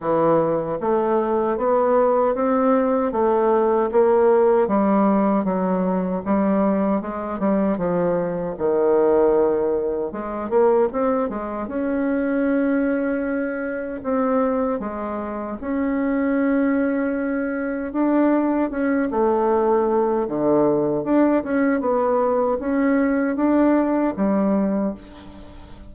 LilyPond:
\new Staff \with { instrumentName = "bassoon" } { \time 4/4 \tempo 4 = 77 e4 a4 b4 c'4 | a4 ais4 g4 fis4 | g4 gis8 g8 f4 dis4~ | dis4 gis8 ais8 c'8 gis8 cis'4~ |
cis'2 c'4 gis4 | cis'2. d'4 | cis'8 a4. d4 d'8 cis'8 | b4 cis'4 d'4 g4 | }